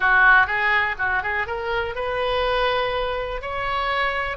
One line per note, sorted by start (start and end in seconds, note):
0.00 0.46 F#4
0.46 0.95 G#4
0.98 1.22 F#4
1.22 1.46 G#4
1.46 1.95 A#4
1.95 3.41 B4
3.41 4.37 C#5